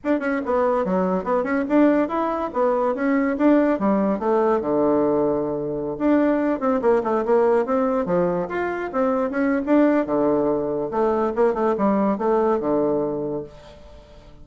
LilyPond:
\new Staff \with { instrumentName = "bassoon" } { \time 4/4 \tempo 4 = 143 d'8 cis'8 b4 fis4 b8 cis'8 | d'4 e'4 b4 cis'4 | d'4 g4 a4 d4~ | d2~ d16 d'4. c'16~ |
c'16 ais8 a8 ais4 c'4 f8.~ | f16 f'4 c'4 cis'8. d'4 | d2 a4 ais8 a8 | g4 a4 d2 | }